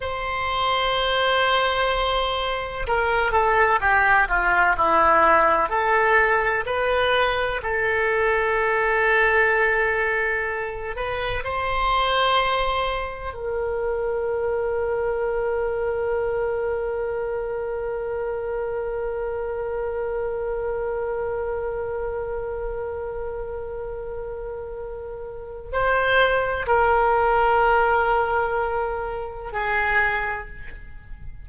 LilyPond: \new Staff \with { instrumentName = "oboe" } { \time 4/4 \tempo 4 = 63 c''2. ais'8 a'8 | g'8 f'8 e'4 a'4 b'4 | a'2.~ a'8 b'8 | c''2 ais'2~ |
ais'1~ | ais'1~ | ais'2. c''4 | ais'2. gis'4 | }